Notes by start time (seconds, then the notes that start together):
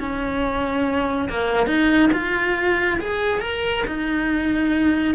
0.00 C#4
1.30 A#3
1.67 D#4
2.13 F4
3.00 G#4
3.41 A#4
3.87 D#4